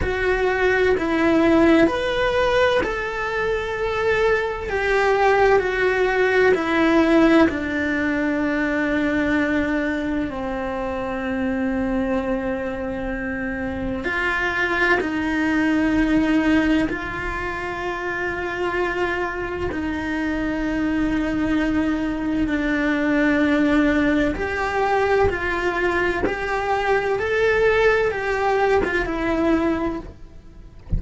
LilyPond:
\new Staff \with { instrumentName = "cello" } { \time 4/4 \tempo 4 = 64 fis'4 e'4 b'4 a'4~ | a'4 g'4 fis'4 e'4 | d'2. c'4~ | c'2. f'4 |
dis'2 f'2~ | f'4 dis'2. | d'2 g'4 f'4 | g'4 a'4 g'8. f'16 e'4 | }